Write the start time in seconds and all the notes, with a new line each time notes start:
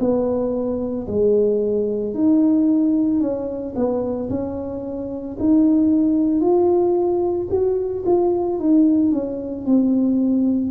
0.00 B3
1.07 G#3
2.14 D#4
3.20 C#4
3.76 B3
4.30 C#4
5.40 D#4
6.41 F4
7.51 F#4
8.06 F4
8.59 D#4
9.12 C#4
9.66 C4